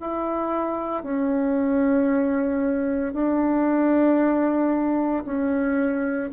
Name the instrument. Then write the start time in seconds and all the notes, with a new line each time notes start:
bassoon
0.00 E4
1.03 C#4
3.13 D4
5.25 C#4